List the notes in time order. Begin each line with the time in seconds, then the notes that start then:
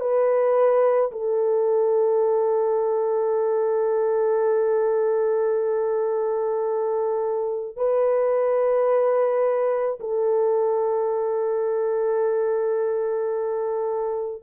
0.00 B4
1.12 A4
7.77 B4
10.00 A4